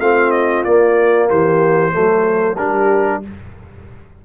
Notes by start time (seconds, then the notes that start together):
0.00 A3 C4 F4 F5
0.31 D#5
0.64 A#3 D5
1.29 E3 G4 C5
1.92 F#3 A3 A4
2.57 G3 D4 G4 A#4